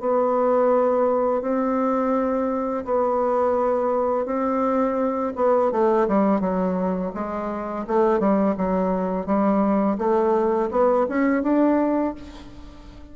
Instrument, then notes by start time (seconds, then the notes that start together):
bassoon
0.00 B3
1.42 C4
2.85 B3
4.26 C4
5.35 B3
5.71 A3
6.08 G3
6.40 F#3
7.14 G#3
7.87 A3
8.19 G3
8.57 F#3
9.26 G3
9.98 A3
10.70 B3
11.08 C#4
11.43 D4